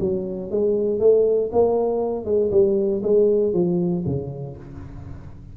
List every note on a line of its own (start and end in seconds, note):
0.00 0.51 F#3
0.51 0.99 G#3
0.99 1.50 A3
1.52 2.25 A#3
2.25 2.50 G#3
2.51 3.02 G3
3.03 3.53 G#3
3.53 4.04 F3
4.06 4.57 C#3